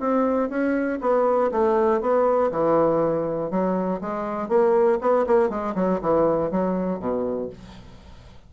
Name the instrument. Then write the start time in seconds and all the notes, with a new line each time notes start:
bassoon
0.00 C4
0.50 C#4
1.01 B3
1.52 A3
2.01 B3
2.52 E3
3.51 F#3
4.01 G#3
4.49 A#3
5.01 B3
5.27 A#3
5.49 G#3
5.75 F#3
6.02 E3
6.51 F#3
7.00 B2